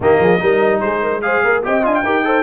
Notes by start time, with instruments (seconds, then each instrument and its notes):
0.00 tuba D#3, trombone A#3, horn G4, trumpet D#5
0.19 tuba F3, horn G#4
0.39 tuba G3, trombone D#4, horn A#4
0.80 tuba G#3, horn G#4, trumpet C5
1.02 horn A#4
1.21 trombone G#4, horn C5, trumpet F5
1.43 tuba A#3, horn A#4
1.63 tuba C4, trombone G4, horn D#5, trumpet G5
1.82 tuba D4, trombone F4, trumpet G#5
1.94 trumpet G5
2.03 tuba D#4, trombone G4, horn A#4
2.24 trombone A4, horn C5